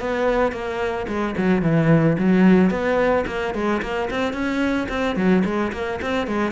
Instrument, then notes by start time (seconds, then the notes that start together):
cello
0.00 B3
0.52 A#3
1.08 G#3
1.37 F#3
1.62 E3
2.18 F#3
2.70 B3
3.27 A#3
3.54 G#3
3.82 A#3
4.10 C4
4.33 C#4
4.89 C4
5.16 F#3
5.44 G#3
5.72 A#3
6.02 C4
6.27 G#3